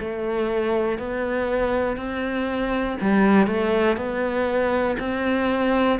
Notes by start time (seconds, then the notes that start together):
0.00 A3
0.98 B3
1.97 C4
3.00 G3
3.46 A3
3.96 B3
4.99 C4